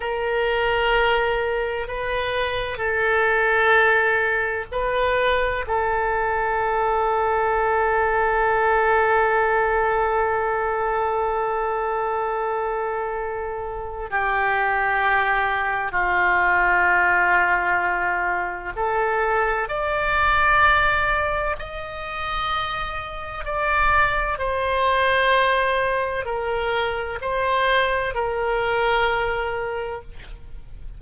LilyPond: \new Staff \with { instrumentName = "oboe" } { \time 4/4 \tempo 4 = 64 ais'2 b'4 a'4~ | a'4 b'4 a'2~ | a'1~ | a'2. g'4~ |
g'4 f'2. | a'4 d''2 dis''4~ | dis''4 d''4 c''2 | ais'4 c''4 ais'2 | }